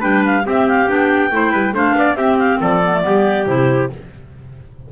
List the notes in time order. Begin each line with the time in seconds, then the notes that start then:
0.00 G3 D4 B4 G5
0.25 F5
0.45 C4 G4 E5
0.68 F5
0.87 B3 D4 G5
1.31 A3 E4 C5
1.52 G3 B4
1.73 A3 D4 C5 F5
1.95 B3 D5
2.14 C4 G4 E5
2.38 F5
2.61 F3 A4 D5
2.84 B3
2.94 A3
3.02 G3 B3 G4
3.46 C3 E4 C5